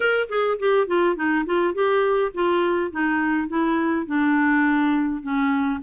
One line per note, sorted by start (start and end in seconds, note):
0.00 0.28 A#4
0.29 0.58 G#4
0.59 0.87 G4
0.87 1.15 F4
1.15 1.45 D#4
1.45 1.73 F4
1.73 2.32 G4
2.34 2.91 F4
2.91 3.48 D#4
3.48 4.06 E4
4.06 5.22 D4
5.22 5.80 C#4